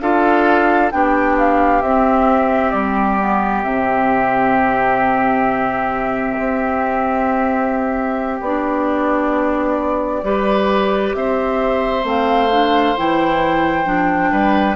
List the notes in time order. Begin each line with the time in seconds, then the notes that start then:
0.00 D4 F4 A4 F5
0.91 B3 D4 G4 G5
1.38 F5
1.82 C4 E5
2.71 G3 D5
3.20 B3
3.63 C3 C4 E5
6.39 C4
8.41 B3 D4 D5
10.23 G3 G4 B4
11.14 C4 C5 E5
12.04 A3 C4 F5
12.51 D4
12.97 E3 E4 G5
13.85 F3 D4
14.31 G3 B4